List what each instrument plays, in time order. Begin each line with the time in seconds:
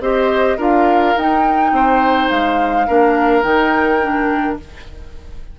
0.00 bassoon C4, clarinet G4, oboe C5, flute D#5
0.57 bassoon D4, clarinet F4, oboe A#4, flute F5
1.16 bassoon D#4, clarinet D#4, flute G5
1.72 bassoon C4, oboe C5
2.28 bassoon G#3, flute F5
2.87 bassoon A#3, clarinet D4, oboe A#4
3.42 bassoon D#3, clarinet D#4, flute G5
4.02 clarinet D4